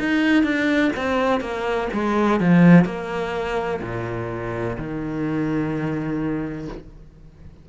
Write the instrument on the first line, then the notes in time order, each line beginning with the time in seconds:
cello
0.00 D#4
0.44 D4
0.97 C4
1.41 A#3
1.94 G#3
2.41 F3
2.85 A#3
3.82 A#2
4.78 D#3